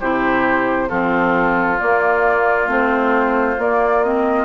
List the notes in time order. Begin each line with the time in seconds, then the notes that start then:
0.00 C3 E4 G4 C5
0.89 F3 C4 F4 A4
1.79 A#3 D5
2.67 A3 C4 C5
3.58 A#3 D5
4.04 C4 D#5